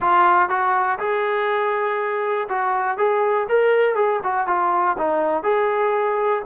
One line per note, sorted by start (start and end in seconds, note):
0.00 0.49 F4
0.49 0.98 F#4
0.99 2.47 G#4
2.48 2.97 F#4
2.97 3.47 G#4
3.48 3.95 A#4
3.95 4.19 G#4
4.23 4.47 F#4
4.47 4.97 F4
4.97 5.43 D#4
5.43 6.42 G#4